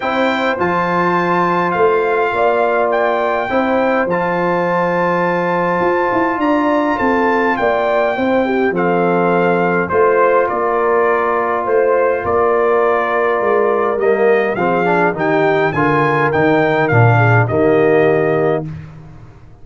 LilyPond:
<<
  \new Staff \with { instrumentName = "trumpet" } { \time 4/4 \tempo 4 = 103 g''4 a''2 f''4~ | f''4 g''2 a''4~ | a''2. ais''4 | a''4 g''2 f''4~ |
f''4 c''4 d''2 | c''4 d''2. | dis''4 f''4 g''4 gis''4 | g''4 f''4 dis''2 | }
  \new Staff \with { instrumentName = "horn" } { \time 4/4 c''1 | d''2 c''2~ | c''2. d''4 | a'4 d''4 c''8 g'8 a'4~ |
a'4 c''4 ais'2 | c''4 ais'2.~ | ais'4 gis'4 g'4 ais'4~ | ais'4. gis'8 g'2 | }
  \new Staff \with { instrumentName = "trombone" } { \time 4/4 e'4 f'2.~ | f'2 e'4 f'4~ | f'1~ | f'2 e'4 c'4~ |
c'4 f'2.~ | f'1 | ais4 c'8 d'8 dis'4 f'4 | dis'4 d'4 ais2 | }
  \new Staff \with { instrumentName = "tuba" } { \time 4/4 c'4 f2 a4 | ais2 c'4 f4~ | f2 f'8 e'8 d'4 | c'4 ais4 c'4 f4~ |
f4 a4 ais2 | a4 ais2 gis4 | g4 f4 dis4 d4 | dis4 ais,4 dis2 | }
>>